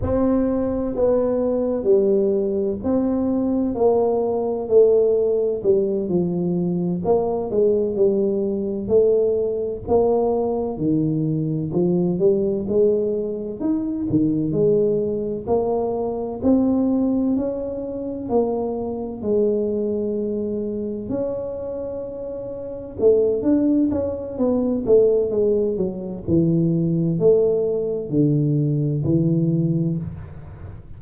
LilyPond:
\new Staff \with { instrumentName = "tuba" } { \time 4/4 \tempo 4 = 64 c'4 b4 g4 c'4 | ais4 a4 g8 f4 ais8 | gis8 g4 a4 ais4 dis8~ | dis8 f8 g8 gis4 dis'8 dis8 gis8~ |
gis8 ais4 c'4 cis'4 ais8~ | ais8 gis2 cis'4.~ | cis'8 a8 d'8 cis'8 b8 a8 gis8 fis8 | e4 a4 d4 e4 | }